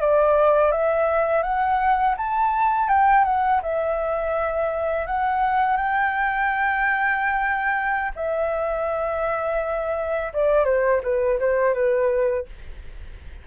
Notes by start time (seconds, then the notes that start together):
0.00 D5
0.71 E5
1.43 F#5
2.17 A5
2.88 G5
3.24 F#5
3.62 E5
5.06 F#5
5.76 G5
8.15 E5
10.33 D5
10.65 C5
11.03 B4
11.39 C5
11.73 B4